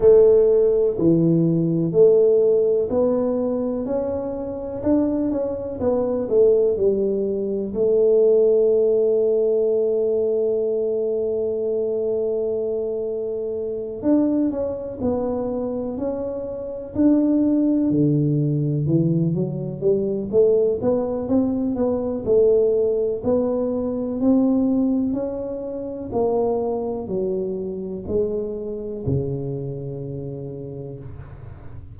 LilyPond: \new Staff \with { instrumentName = "tuba" } { \time 4/4 \tempo 4 = 62 a4 e4 a4 b4 | cis'4 d'8 cis'8 b8 a8 g4 | a1~ | a2~ a8 d'8 cis'8 b8~ |
b8 cis'4 d'4 d4 e8 | fis8 g8 a8 b8 c'8 b8 a4 | b4 c'4 cis'4 ais4 | fis4 gis4 cis2 | }